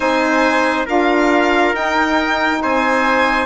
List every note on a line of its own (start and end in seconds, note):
0.00 0.85 C4
0.00 0.86 D#4
0.00 0.86 C5
0.00 0.85 G#5
0.86 1.73 D4
0.86 1.73 F4
0.86 2.60 A#4
0.86 1.75 F5
1.73 2.60 D#4
1.73 3.45 D#4
1.73 2.62 G5
2.62 3.45 C4
2.62 3.45 C5
2.62 3.45 G#5